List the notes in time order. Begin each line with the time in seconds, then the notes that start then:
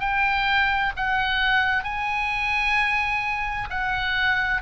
0.00 G5
0.96 F#5
1.84 G#5
3.70 F#5